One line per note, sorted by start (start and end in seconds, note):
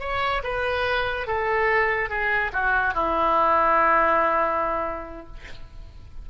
0.00 0.42 C#5
0.44 1.27 B4
1.27 2.09 A4
2.09 2.52 G#4
2.53 2.94 F#4
2.94 5.27 E4